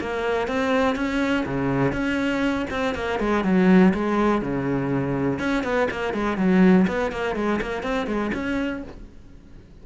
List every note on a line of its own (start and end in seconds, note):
0.00 0.47 A#3
0.47 0.95 C4
0.95 1.45 C#4
1.45 1.92 C#3
1.92 2.66 C#4
2.70 2.95 C4
2.95 3.19 A#3
3.19 3.44 G#3
3.44 3.93 F#3
3.93 4.41 G#3
4.41 5.39 C#3
5.39 5.63 C#4
5.63 5.88 B3
5.90 6.13 A#3
6.13 6.37 G#3
6.37 6.86 F#3
6.87 7.11 B3
7.11 7.35 A#3
7.35 7.60 G#3
7.61 7.82 A#3
7.82 8.06 C4
8.06 8.31 G#3
8.34 8.83 C#4